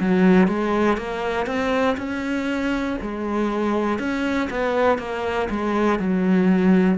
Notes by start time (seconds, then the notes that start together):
0.00 F#3
0.48 G#3
0.97 A#3
1.46 C4
1.98 C#4
3.02 G#3
3.99 C#4
4.50 B3
4.99 A#3
5.50 G#3
5.99 F#3